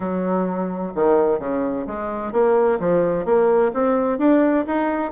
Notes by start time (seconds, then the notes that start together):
0.00 F#3
0.95 D#3
1.39 C#3
1.86 G#3
2.32 A#3
2.79 F3
3.25 A#3
3.73 C4
4.18 D4
4.67 D#4